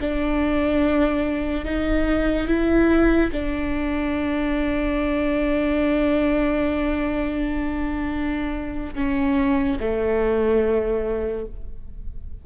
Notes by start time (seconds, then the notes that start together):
0.00 D4
1.64 D#4
2.47 E4
3.32 D4
8.94 C#4
9.79 A3